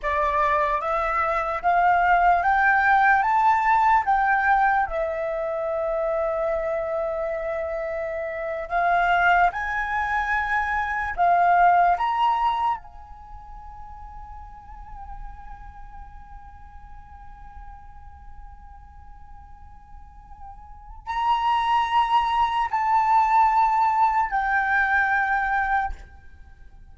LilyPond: \new Staff \with { instrumentName = "flute" } { \time 4/4 \tempo 4 = 74 d''4 e''4 f''4 g''4 | a''4 g''4 e''2~ | e''2~ e''8. f''4 gis''16~ | gis''4.~ gis''16 f''4 ais''4 gis''16~ |
gis''1~ | gis''1~ | gis''2 ais''2 | a''2 g''2 | }